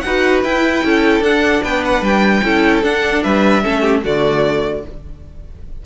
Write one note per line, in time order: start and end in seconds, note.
0.00 0.44 D#4
0.00 0.85 B4
0.00 0.40 F#5
0.06 0.45 F#4
0.44 0.84 E4
0.44 1.23 E4
0.44 1.23 G5
0.84 1.20 C#4
0.84 1.63 A4
1.20 1.60 D4
1.20 2.43 D4
1.20 1.63 F#5
1.63 2.01 B3
1.63 2.43 B4
1.63 1.84 G5
1.85 2.04 F#5
2.01 2.41 G3
2.01 2.84 G5
2.44 2.83 C#4
2.44 2.83 E4
2.44 3.23 A4
2.83 3.62 D4
2.83 3.23 D4
2.83 3.23 F#5
3.23 3.65 G3
3.23 3.63 B4
3.23 4.03 E5
3.62 4.04 A3
3.62 4.02 C#4
3.62 3.81 A4
3.81 4.01 G4
4.02 4.85 D3
4.02 4.82 A3
4.02 4.83 F#4
4.02 4.85 D5